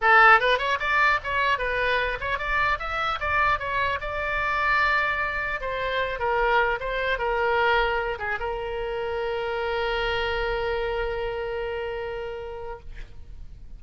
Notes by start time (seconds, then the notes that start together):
0.01 A4
0.40 B4
0.58 C#5
0.79 D5
1.23 C#5
1.58 B4
2.20 C#5
2.38 D5
2.79 E5
3.19 D5
3.59 C#5
4.01 D5
5.60 C5
6.19 A#4
6.80 C5
7.18 A#4
8.18 G#4
8.39 A#4